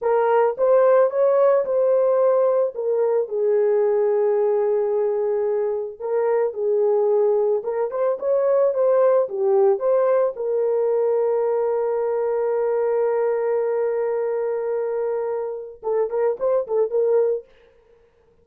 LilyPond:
\new Staff \with { instrumentName = "horn" } { \time 4/4 \tempo 4 = 110 ais'4 c''4 cis''4 c''4~ | c''4 ais'4 gis'2~ | gis'2. ais'4 | gis'2 ais'8 c''8 cis''4 |
c''4 g'4 c''4 ais'4~ | ais'1~ | ais'1~ | ais'4 a'8 ais'8 c''8 a'8 ais'4 | }